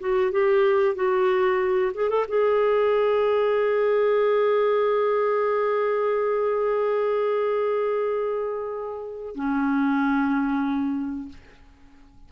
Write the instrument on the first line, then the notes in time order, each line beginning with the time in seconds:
clarinet
0.00 F#4
0.32 G4
0.95 F#4
1.94 G#4
2.10 A4
2.28 G#4
9.35 C#4